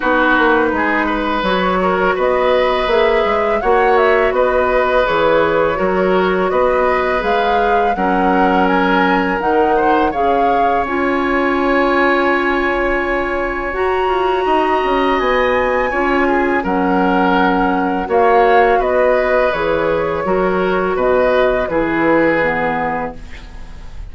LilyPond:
<<
  \new Staff \with { instrumentName = "flute" } { \time 4/4 \tempo 4 = 83 b'2 cis''4 dis''4 | e''4 fis''8 e''8 dis''4 cis''4~ | cis''4 dis''4 f''4 fis''4 | gis''4 fis''4 f''4 gis''4~ |
gis''2. ais''4~ | ais''4 gis''2 fis''4~ | fis''4 f''4 dis''4 cis''4~ | cis''4 dis''4 b'2 | }
  \new Staff \with { instrumentName = "oboe" } { \time 4/4 fis'4 gis'8 b'4 ais'8 b'4~ | b'4 cis''4 b'2 | ais'4 b'2 ais'4~ | ais'4. c''8 cis''2~ |
cis''1 | dis''2 cis''8 gis'8 ais'4~ | ais'4 cis''4 b'2 | ais'4 b'4 gis'2 | }
  \new Staff \with { instrumentName = "clarinet" } { \time 4/4 dis'2 fis'2 | gis'4 fis'2 gis'4 | fis'2 gis'4 cis'4~ | cis'4 dis'4 gis'4 f'4~ |
f'2. fis'4~ | fis'2 f'4 cis'4~ | cis'4 fis'2 gis'4 | fis'2 e'4 b4 | }
  \new Staff \with { instrumentName = "bassoon" } { \time 4/4 b8 ais8 gis4 fis4 b4 | ais8 gis8 ais4 b4 e4 | fis4 b4 gis4 fis4~ | fis4 dis4 cis4 cis'4~ |
cis'2. fis'8 f'8 | dis'8 cis'8 b4 cis'4 fis4~ | fis4 ais4 b4 e4 | fis4 b,4 e2 | }
>>